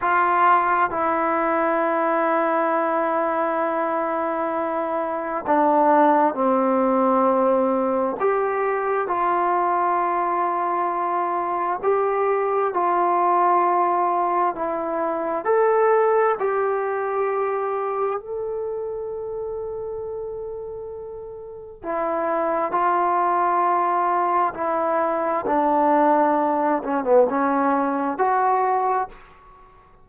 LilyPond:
\new Staff \with { instrumentName = "trombone" } { \time 4/4 \tempo 4 = 66 f'4 e'2.~ | e'2 d'4 c'4~ | c'4 g'4 f'2~ | f'4 g'4 f'2 |
e'4 a'4 g'2 | a'1 | e'4 f'2 e'4 | d'4. cis'16 b16 cis'4 fis'4 | }